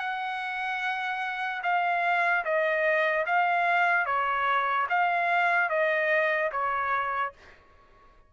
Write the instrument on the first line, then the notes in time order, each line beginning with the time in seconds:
trumpet
0.00 F#5
1.63 F5
2.45 D#5
3.27 F5
4.06 C#5
4.89 F5
5.70 D#5
6.52 C#5